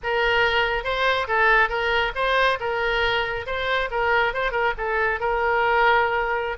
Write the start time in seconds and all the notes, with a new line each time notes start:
0.03 A#4
0.84 C5
1.27 A4
1.69 A#4
2.15 C5
2.59 A#4
3.46 C5
3.90 A#4
4.33 C5
4.51 A#4
4.77 A4
5.20 A#4